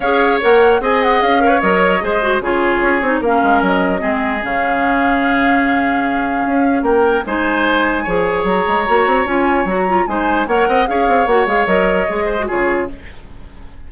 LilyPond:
<<
  \new Staff \with { instrumentName = "flute" } { \time 4/4 \tempo 4 = 149 f''4 fis''4 gis''8 fis''8 f''4 | dis''2 cis''2 | f''4 dis''2 f''4~ | f''1~ |
f''4 g''4 gis''2~ | gis''4 ais''2 gis''4 | ais''4 gis''4 fis''4 f''4 | fis''8 f''8 dis''2 cis''4 | }
  \new Staff \with { instrumentName = "oboe" } { \time 4/4 cis''2 dis''4. cis''8~ | cis''4 c''4 gis'2 | ais'2 gis'2~ | gis'1~ |
gis'4 ais'4 c''2 | cis''1~ | cis''4 c''4 cis''8 dis''8 cis''4~ | cis''2~ cis''8 c''8 gis'4 | }
  \new Staff \with { instrumentName = "clarinet" } { \time 4/4 gis'4 ais'4 gis'4. ais'16 b'16 | ais'4 gis'8 fis'8 f'4. dis'8 | cis'2 c'4 cis'4~ | cis'1~ |
cis'2 dis'2 | gis'2 fis'4 f'4 | fis'8 f'8 dis'4 ais'4 gis'4 | fis'8 gis'8 ais'4 gis'8. fis'16 f'4 | }
  \new Staff \with { instrumentName = "bassoon" } { \time 4/4 cis'4 ais4 c'4 cis'4 | fis4 gis4 cis4 cis'8 c'8 | ais8 gis8 fis4 gis4 cis4~ | cis1 |
cis'4 ais4 gis2 | f4 fis8 gis8 ais8 c'8 cis'4 | fis4 gis4 ais8 c'8 cis'8 c'8 | ais8 gis8 fis4 gis4 cis4 | }
>>